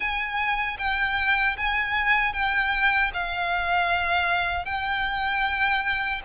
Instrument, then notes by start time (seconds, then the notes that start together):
violin
0.00 G#5
0.78 G5
1.57 G#5
2.33 G5
3.13 F5
4.65 G5